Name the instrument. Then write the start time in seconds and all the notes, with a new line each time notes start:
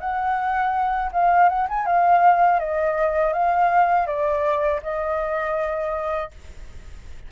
flute
0.00 F#5
1.12 F5
1.49 F#5
1.68 G#5
1.86 F5
2.59 D#5
3.33 F5
4.06 D5
4.82 D#5